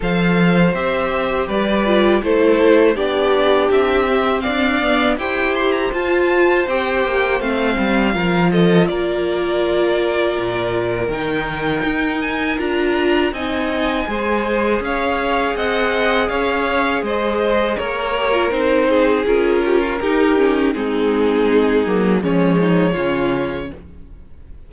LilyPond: <<
  \new Staff \with { instrumentName = "violin" } { \time 4/4 \tempo 4 = 81 f''4 e''4 d''4 c''4 | d''4 e''4 f''4 g''8 c'''16 ais''16 | a''4 g''4 f''4. dis''8 | d''2. g''4~ |
g''8 gis''8 ais''4 gis''2 | f''4 fis''4 f''4 dis''4 | cis''4 c''4 ais'2 | gis'2 cis''2 | }
  \new Staff \with { instrumentName = "violin" } { \time 4/4 c''2 b'4 a'4 | g'2 d''4 c''4~ | c''2. ais'8 a'8 | ais'1~ |
ais'2 dis''4 c''4 | cis''4 dis''4 cis''4 c''4 | ais'4. gis'4 g'16 f'16 g'4 | dis'2 cis'8 dis'8 f'4 | }
  \new Staff \with { instrumentName = "viola" } { \time 4/4 a'4 g'4. f'8 e'4 | d'4. c'4 b8 g'4 | f'4 g'4 c'4 f'4~ | f'2. dis'4~ |
dis'4 f'4 dis'4 gis'4~ | gis'1~ | gis'8 g'16 f'16 dis'4 f'4 dis'8 cis'8 | c'4. ais8 gis4 cis'4 | }
  \new Staff \with { instrumentName = "cello" } { \time 4/4 f4 c'4 g4 a4 | b4 c'4 d'4 e'4 | f'4 c'8 ais8 a8 g8 f4 | ais2 ais,4 dis4 |
dis'4 d'4 c'4 gis4 | cis'4 c'4 cis'4 gis4 | ais4 c'4 cis'4 dis'4 | gis4. fis8 f4 cis4 | }
>>